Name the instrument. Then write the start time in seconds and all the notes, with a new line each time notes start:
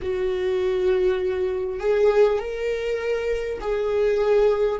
viola
0.02 F#4
1.79 G#4
2.39 A#4
3.60 G#4